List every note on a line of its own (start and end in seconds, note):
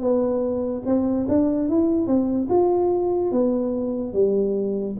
0.00 0.82 B3
0.86 1.27 C4
1.28 1.68 D4
1.68 2.06 E4
2.06 2.47 C4
2.49 3.31 F4
3.31 4.13 B3
4.13 4.95 G3